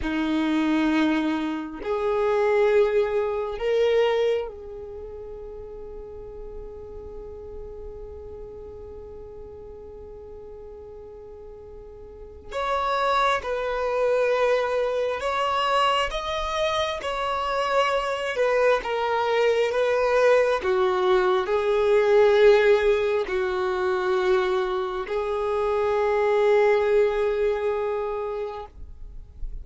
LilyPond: \new Staff \with { instrumentName = "violin" } { \time 4/4 \tempo 4 = 67 dis'2 gis'2 | ais'4 gis'2.~ | gis'1~ | gis'2 cis''4 b'4~ |
b'4 cis''4 dis''4 cis''4~ | cis''8 b'8 ais'4 b'4 fis'4 | gis'2 fis'2 | gis'1 | }